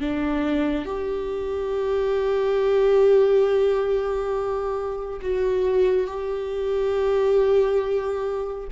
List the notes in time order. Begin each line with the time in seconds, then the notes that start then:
0.00 D4
0.85 G4
5.21 F#4
6.06 G4